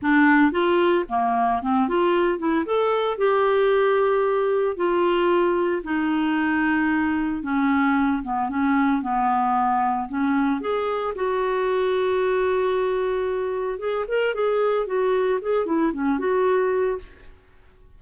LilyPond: \new Staff \with { instrumentName = "clarinet" } { \time 4/4 \tempo 4 = 113 d'4 f'4 ais4 c'8 f'8~ | f'8 e'8 a'4 g'2~ | g'4 f'2 dis'4~ | dis'2 cis'4. b8 |
cis'4 b2 cis'4 | gis'4 fis'2.~ | fis'2 gis'8 ais'8 gis'4 | fis'4 gis'8 e'8 cis'8 fis'4. | }